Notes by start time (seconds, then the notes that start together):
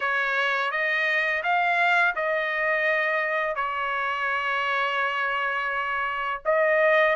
0.00 C#5
0.71 D#5
1.43 F5
2.15 D#5
3.55 C#5
6.45 D#5